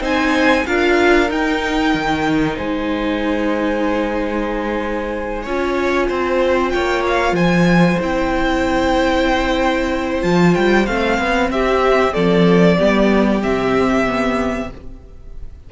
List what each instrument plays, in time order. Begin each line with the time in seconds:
0.00 cello C4, viola D#4, violin C5 G#5
0.66 cello D4, viola F4, violin A#4 F5
1.29 viola D#4, cello D#4, violin G5
1.94 cello D#3
2.55 cello G#3, violin C5 G#5
5.42 cello C#4, viola F4, violin C#5
6.08 cello C4, violin C5
6.70 cello A#3, violin C#5 G5
7.07 violin F5
7.32 cello F3, violin C5 G#5
8.00 cello C4, viola E4, violin G5
10.22 cello F3, viola F4, violin A5
10.54 cello G3, violin G5
10.86 cello A3, viola C4, violin F5
11.18 cello B3
11.50 cello C4, violin G4 E5
12.13 cello F3, violin A4 D5
12.78 cello G3, viola B3, violin G4
13.43 cello C3, viola C4, violin E5
14.06 viola B3